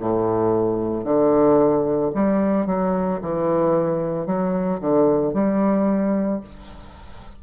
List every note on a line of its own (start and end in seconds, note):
0.00 1.04 A2
1.04 2.11 D3
2.15 2.66 G3
2.66 3.20 F#3
3.22 4.27 E3
4.27 4.80 F#3
4.81 5.34 D3
5.34 6.41 G3